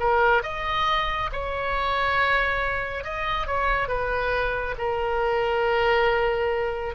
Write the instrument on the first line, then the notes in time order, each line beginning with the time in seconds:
oboe
0.00 A#4
0.43 D#5
1.33 C#5
3.04 D#5
3.47 C#5
3.89 B4
4.79 A#4